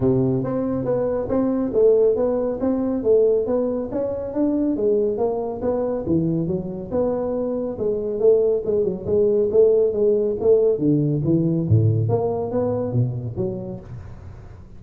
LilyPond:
\new Staff \with { instrumentName = "tuba" } { \time 4/4 \tempo 4 = 139 c4 c'4 b4 c'4 | a4 b4 c'4 a4 | b4 cis'4 d'4 gis4 | ais4 b4 e4 fis4 |
b2 gis4 a4 | gis8 fis8 gis4 a4 gis4 | a4 d4 e4 a,4 | ais4 b4 b,4 fis4 | }